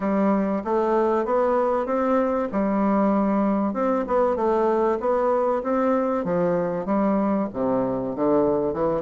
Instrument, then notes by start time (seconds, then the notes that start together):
bassoon
0.00 G3
0.64 A3
1.25 B3
1.86 C4
2.52 G3
3.73 C4
4.07 B3
4.36 A3
5.00 B3
5.63 C4
6.24 F3
6.85 G3
7.53 C3
8.15 D3
8.73 E3